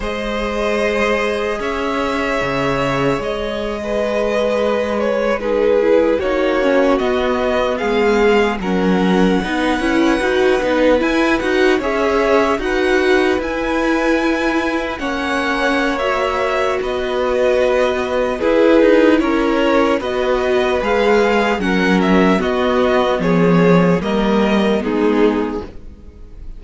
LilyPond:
<<
  \new Staff \with { instrumentName = "violin" } { \time 4/4 \tempo 4 = 75 dis''2 e''2 | dis''2~ dis''16 cis''8 b'4 cis''16~ | cis''8. dis''4 f''4 fis''4~ fis''16~ | fis''4.~ fis''16 gis''8 fis''8 e''4 fis''16~ |
fis''8. gis''2 fis''4~ fis''16 | e''4 dis''2 b'4 | cis''4 dis''4 f''4 fis''8 e''8 | dis''4 cis''4 dis''4 gis'4 | }
  \new Staff \with { instrumentName = "violin" } { \time 4/4 c''2 cis''2~ | cis''8. b'2 gis'4 fis'16~ | fis'4.~ fis'16 gis'4 ais'4 b'16~ | b'2~ b'8. cis''4 b'16~ |
b'2~ b'8. cis''4~ cis''16~ | cis''4 b'2 gis'4 | ais'4 b'2 ais'4 | fis'4 gis'4 ais'4 dis'4 | }
  \new Staff \with { instrumentName = "viola" } { \time 4/4 gis'1~ | gis'2~ gis'8. dis'8 e'8 dis'16~ | dis'16 cis'8 b2 cis'4 dis'16~ | dis'16 e'8 fis'8 dis'8 e'8 fis'8 gis'4 fis'16~ |
fis'8. e'2 cis'4~ cis'16 | fis'2. e'4~ | e'4 fis'4 gis'4 cis'4 | b2 ais4 b4 | }
  \new Staff \with { instrumentName = "cello" } { \time 4/4 gis2 cis'4 cis4 | gis2.~ gis8. ais16~ | ais8. b4 gis4 fis4 b16~ | b16 cis'8 dis'8 b8 e'8 dis'8 cis'4 dis'16~ |
dis'8. e'2 ais4~ ais16~ | ais4 b2 e'8 dis'8 | cis'4 b4 gis4 fis4 | b4 f4 g4 gis4 | }
>>